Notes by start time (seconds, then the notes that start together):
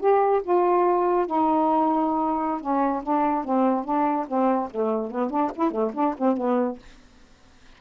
0.00 G4
0.44 F4
1.27 D#4
2.61 C#4
3.03 D4
3.45 C4
3.84 D4
4.28 C4
4.71 A3
5.11 B3
5.30 D4
5.55 E4
5.71 A3
5.94 D4
6.18 C4
6.37 B3